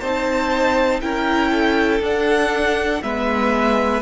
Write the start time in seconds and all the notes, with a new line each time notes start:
0.00 C4 D#4 C5 A5
1.01 C#4 E4 A#4 G5
1.51 A4
2.00 D4 F#5
3.03 G#3 B3 B4 E5